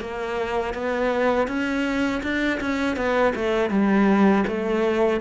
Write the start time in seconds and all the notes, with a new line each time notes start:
0.00 A#3
0.74 B3
1.47 C#4
2.23 D4
2.60 C#4
2.96 B3
3.35 A3
3.70 G3
4.47 A3